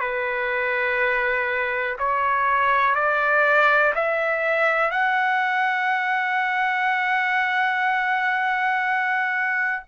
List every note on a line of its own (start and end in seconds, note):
0.00 1.97 B4
1.99 2.95 C#5
2.95 3.93 D5
3.95 4.91 E5
4.91 9.83 F#5